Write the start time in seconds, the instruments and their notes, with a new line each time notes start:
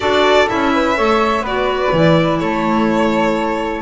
0.00 double bass D4, clarinet F#4, flute A4, violin D5
0.47 double bass C#4, clarinet E4, violin E5
0.73 flute B4
0.96 double bass A3, clarinet A4, flute C#5
1.41 double bass B3, clarinet F#4, flute B4, violin D5
1.92 double bass E3, clarinet E4
2.39 double bass A3, flute A4, violin C#5